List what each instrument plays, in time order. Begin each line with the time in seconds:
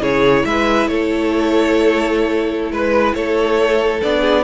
0.00 cello C#3, viola E4, violin G#4 C#5
0.45 cello G#3, violin B4 E5
0.87 cello A3, violin A4 C#5
2.70 cello G#3, violin B4
3.14 cello A3, violin A4 C#5
4.02 cello B3, viola D4, violin D5
4.20 violin G#4